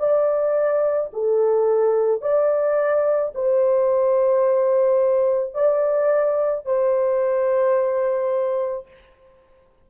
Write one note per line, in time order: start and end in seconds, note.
0.00 1.11 D5
1.14 2.22 A4
2.22 3.33 D5
3.35 5.55 C5
5.55 6.66 D5
6.66 8.88 C5